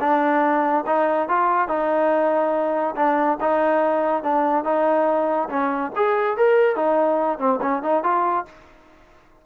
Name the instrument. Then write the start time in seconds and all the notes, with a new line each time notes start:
trombone
0.00 D4
0.86 D#4
1.28 F4
1.68 D#4
2.96 D4
3.40 D#4
4.23 D4
4.64 D#4
5.49 C#4
5.96 G#4
6.37 A#4
6.75 D#4
7.38 C4
7.61 C#4
7.82 D#4
8.03 F4